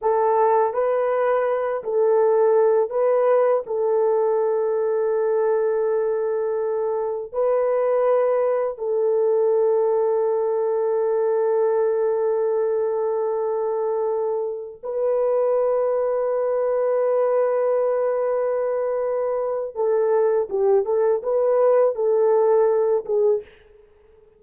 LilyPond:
\new Staff \with { instrumentName = "horn" } { \time 4/4 \tempo 4 = 82 a'4 b'4. a'4. | b'4 a'2.~ | a'2 b'2 | a'1~ |
a'1~ | a'16 b'2.~ b'8.~ | b'2. a'4 | g'8 a'8 b'4 a'4. gis'8 | }